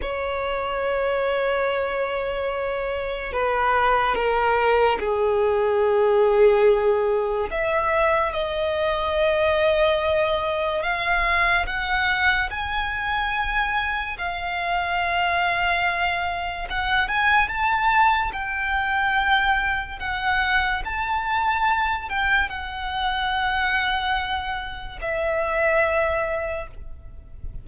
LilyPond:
\new Staff \with { instrumentName = "violin" } { \time 4/4 \tempo 4 = 72 cis''1 | b'4 ais'4 gis'2~ | gis'4 e''4 dis''2~ | dis''4 f''4 fis''4 gis''4~ |
gis''4 f''2. | fis''8 gis''8 a''4 g''2 | fis''4 a''4. g''8 fis''4~ | fis''2 e''2 | }